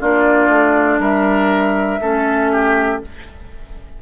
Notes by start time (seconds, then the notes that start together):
0.00 A#3 D4 F4 D5
0.49 A3
0.99 G3 A#4 E5
2.00 A3 C#4 A4
2.52 G4